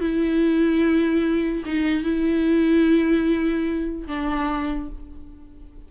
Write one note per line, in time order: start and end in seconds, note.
0.00 1.63 E4
1.65 2.03 D#4
2.03 4.07 E4
4.07 4.89 D4